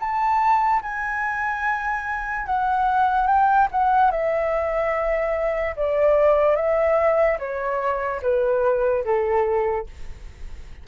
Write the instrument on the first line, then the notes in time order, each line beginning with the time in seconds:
flute
0.00 A5
0.83 G#5
2.47 F#5
3.27 G5
3.72 F#5
4.11 E5
5.77 D5
6.56 E5
7.39 C#5
8.22 B4
9.05 A4